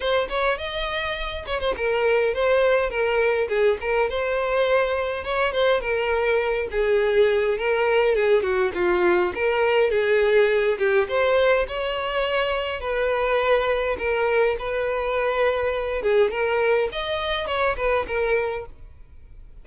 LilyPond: \new Staff \with { instrumentName = "violin" } { \time 4/4 \tempo 4 = 103 c''8 cis''8 dis''4. cis''16 c''16 ais'4 | c''4 ais'4 gis'8 ais'8 c''4~ | c''4 cis''8 c''8 ais'4. gis'8~ | gis'4 ais'4 gis'8 fis'8 f'4 |
ais'4 gis'4. g'8 c''4 | cis''2 b'2 | ais'4 b'2~ b'8 gis'8 | ais'4 dis''4 cis''8 b'8 ais'4 | }